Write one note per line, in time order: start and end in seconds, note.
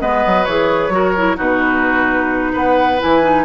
0.00 0.24 G#3
0.00 0.46 B3
0.00 0.93 B4
0.00 0.45 D#5
0.26 0.47 F#3
0.45 0.89 E3
0.45 0.91 G#4
0.45 1.37 C#5
0.89 1.35 F#3
0.89 1.14 F#4
0.89 1.37 A#4
1.17 1.37 E4
1.37 2.54 B2
1.37 2.98 D#4
1.37 2.52 F#4
1.37 2.54 B4
2.52 3.00 B3
2.52 3.45 B4
2.52 3.01 F#5
2.99 3.45 E3
2.99 3.22 E4
2.99 3.45 G#5
3.22 3.45 D#4